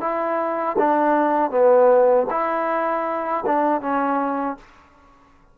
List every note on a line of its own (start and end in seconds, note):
0.00 0.76 E4
0.78 1.51 D4
1.51 2.26 B3
2.30 3.44 E4
3.46 3.81 D4
3.81 4.57 C#4